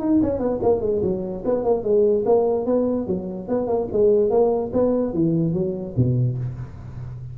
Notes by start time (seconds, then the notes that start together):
0.00 D#4
0.22 C#4
0.39 B3
0.62 A#3
0.81 G#3
1.02 F#3
1.45 B3
1.64 A#3
1.83 G#3
2.25 A#3
2.66 B3
3.07 F#3
3.48 B3
3.67 A#3
3.92 G#3
4.30 A#3
4.73 B3
5.13 E3
5.53 F#3
5.96 B2